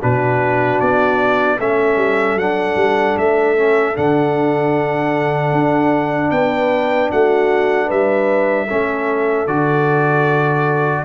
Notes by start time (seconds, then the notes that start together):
0.00 B2 D4 F#4 B4
0.80 B3 D5
1.60 A3 C#4 A4 E5
1.97 G3
2.36 F#3 D4 F#5
2.76 G3
3.17 A3 E5
3.57 C#4
3.94 D3 D4 F#5
5.53 D4
6.31 B3 B4 G5
7.11 A3 F#4 F#5
7.86 G3 B4 E5
8.67 A3 C#4 A4
9.47 D3 F#4 D5